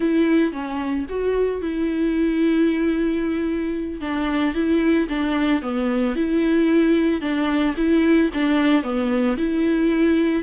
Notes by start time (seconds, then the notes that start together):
0.00 E4
0.52 C#4
1.09 F#4
1.61 E4
4.00 D4
4.54 E4
5.09 D4
5.62 B3
6.15 E4
7.21 D4
7.77 E4
8.33 D4
8.83 B3
9.37 E4